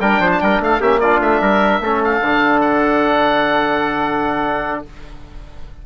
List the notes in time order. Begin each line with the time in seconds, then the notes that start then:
0.00 G3 D4 A#4 G5
0.20 F3 C5
0.32 A5
0.41 G3 A#4 G5
0.60 A3 A4 F5
0.80 A#3 C#4 G4 E5
1.00 D4 F4 D5
1.20 A3 E5
1.41 G3 A#4
1.80 A3 C#4 A4
2.05 F5
2.21 D3 D4
2.61 F#5